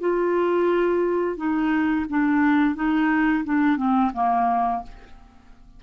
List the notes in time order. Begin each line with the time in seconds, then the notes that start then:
0.00 F4
1.37 D#4
2.09 D4
2.75 D#4
3.44 D4
3.77 C4
4.14 A#3